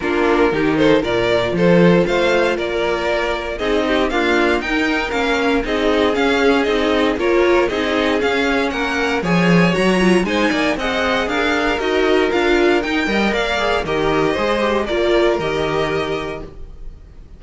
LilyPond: <<
  \new Staff \with { instrumentName = "violin" } { \time 4/4 \tempo 4 = 117 ais'4. c''8 d''4 c''4 | f''4 d''2 dis''4 | f''4 g''4 f''4 dis''4 | f''4 dis''4 cis''4 dis''4 |
f''4 fis''4 gis''4 ais''4 | gis''4 fis''4 f''4 dis''4 | f''4 g''4 f''4 dis''4~ | dis''4 d''4 dis''2 | }
  \new Staff \with { instrumentName = "violin" } { \time 4/4 f'4 g'8 a'8 ais'4 a'4 | c''4 ais'2 gis'8 g'8 | f'4 ais'2 gis'4~ | gis'2 ais'4 gis'4~ |
gis'4 ais'4 cis''2 | c''8 d''8 dis''4 ais'2~ | ais'4. dis''8 d''4 ais'4 | c''4 ais'2. | }
  \new Staff \with { instrumentName = "viola" } { \time 4/4 d'4 dis'4 f'2~ | f'2. dis'4 | ais4 dis'4 cis'4 dis'4 | cis'4 dis'4 f'4 dis'4 |
cis'2 gis'4 fis'8 f'8 | dis'4 gis'2 fis'4 | f'4 dis'8 ais'4 gis'8 g'4 | gis'8 g'8 f'4 g'2 | }
  \new Staff \with { instrumentName = "cello" } { \time 4/4 ais4 dis4 ais,4 f4 | a4 ais2 c'4 | d'4 dis'4 ais4 c'4 | cis'4 c'4 ais4 c'4 |
cis'4 ais4 f4 fis4 | gis8 ais8 c'4 d'4 dis'4 | d'4 dis'8 g8 ais4 dis4 | gis4 ais4 dis2 | }
>>